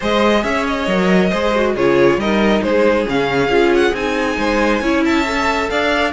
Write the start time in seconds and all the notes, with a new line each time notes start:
0.00 G#3 G#4 C5 D#5
0.43 C#4 C#5 E5
0.67 D#5
0.87 F#3 A#4
1.29 G#3 G#4 C5
1.55 F#4
1.75 C#3 F4 G#4 C#5
2.17 G3 D#4 A#4 D#5
2.62 G#3 G#4 C5
3.06 C#3 C#4 F5
3.48 C#4 F4
3.74 F#5
3.93 C4 D#4 G#5
4.37 G#3 C5
4.81 C#4 E4 C#5
5.04 E5 A5
5.24 A4
5.69 D4 D5 F5